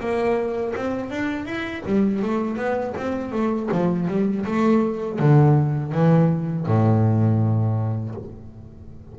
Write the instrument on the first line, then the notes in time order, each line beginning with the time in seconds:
double bass
0.00 A#3
0.76 C4
1.10 D4
1.46 E4
1.86 G3
2.23 A3
2.57 B3
2.97 C4
3.32 A3
3.72 F3
4.08 G3
4.46 A3
5.19 D3
5.92 E3
6.67 A2